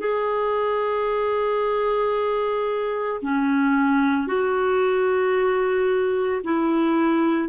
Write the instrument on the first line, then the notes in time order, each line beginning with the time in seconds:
clarinet
0.00 G#4
3.22 C#4
4.28 F#4
6.44 E4